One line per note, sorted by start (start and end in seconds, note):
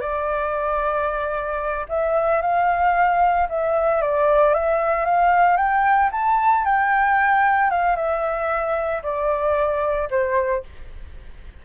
0.00 1.86 D5
1.88 2.41 E5
2.41 3.48 F5
3.49 4.01 E5
4.01 4.54 D5
4.54 5.05 E5
5.05 5.57 F5
5.57 6.10 G5
6.11 6.64 A5
6.64 7.70 G5
7.70 7.95 F5
7.95 9.02 E5
9.02 10.09 D5
10.10 10.63 C5